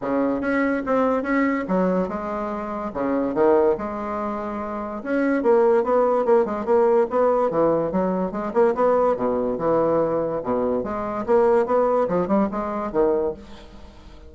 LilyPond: \new Staff \with { instrumentName = "bassoon" } { \time 4/4 \tempo 4 = 144 cis4 cis'4 c'4 cis'4 | fis4 gis2 cis4 | dis4 gis2. | cis'4 ais4 b4 ais8 gis8 |
ais4 b4 e4 fis4 | gis8 ais8 b4 b,4 e4~ | e4 b,4 gis4 ais4 | b4 f8 g8 gis4 dis4 | }